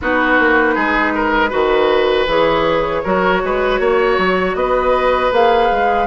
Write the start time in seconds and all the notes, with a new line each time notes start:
0.01 B3 D#4 F#4 B4
0.39 A#3
0.74 G#3 G#4
1.14 A#4
1.50 D#3 F#4 B4
2.26 E3 G#4 C#5
3.03 F#3 F#4 A#4
3.44 G#3 B4
3.79 A#3 C#5
4.18 F#3
4.54 B3 B4 D#5
5.31 A#3 G#4 F5
5.71 G#3